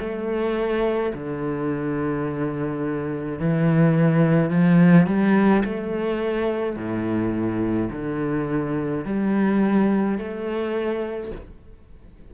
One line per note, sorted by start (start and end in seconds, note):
0.00 1.13 A3
1.14 3.40 D3
3.40 4.51 E3
4.51 5.07 F3
5.07 5.64 G3
5.65 6.77 A3
6.77 7.90 A2
7.92 9.05 D3
9.06 10.18 G3
10.18 11.32 A3